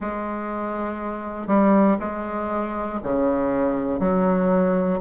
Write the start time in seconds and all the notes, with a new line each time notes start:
0.00 G#3
1.47 G3
2.00 G#3
3.03 C#3
3.99 F#3